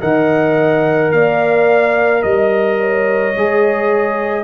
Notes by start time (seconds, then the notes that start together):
0.00 D#3 A#4 D#5 F#5
1.11 A#3 D5 F5
2.22 G3 D#5
2.80 C#5
3.36 G#3 G#4